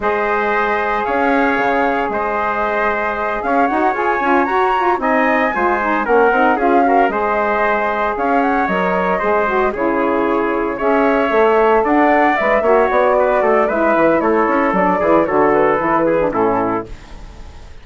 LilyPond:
<<
  \new Staff \with { instrumentName = "flute" } { \time 4/4 \tempo 4 = 114 dis''2 f''2 | dis''2~ dis''8 f''8 fis''8 gis''8~ | gis''8 ais''4 gis''2 fis''8~ | fis''8 f''4 dis''2 f''8 |
fis''8 dis''2 cis''4.~ | cis''8 e''2 fis''4 e''8~ | e''8 d''4. e''4 cis''4 | d''4 cis''8 b'4. a'4 | }
  \new Staff \with { instrumentName = "trumpet" } { \time 4/4 c''2 cis''2 | c''2~ c''8 cis''4.~ | cis''4. dis''4 c''4 ais'8~ | ais'8 gis'8 ais'8 c''2 cis''8~ |
cis''4. c''4 gis'4.~ | gis'8 cis''2 d''4. | cis''4 b'8 a'8 b'4 a'4~ | a'8 gis'8 a'4. gis'8 e'4 | }
  \new Staff \with { instrumentName = "saxophone" } { \time 4/4 gis'1~ | gis'2. fis'8 gis'8 | f'8 fis'8 f'8 dis'4 f'8 dis'8 cis'8 | dis'8 f'8 fis'8 gis'2~ gis'8~ |
gis'8 ais'4 gis'8 fis'8 e'4.~ | e'8 gis'4 a'2 b'8 | fis'2 e'2 | d'8 e'8 fis'4 e'8. d'16 cis'4 | }
  \new Staff \with { instrumentName = "bassoon" } { \time 4/4 gis2 cis'4 cis4 | gis2~ gis8 cis'8 dis'8 f'8 | cis'8 fis'4 c'4 gis4 ais8 | c'8 cis'4 gis2 cis'8~ |
cis'8 fis4 gis4 cis4.~ | cis8 cis'4 a4 d'4 gis8 | ais8 b4 a8 gis8 e8 a8 cis'8 | fis8 e8 d4 e4 a,4 | }
>>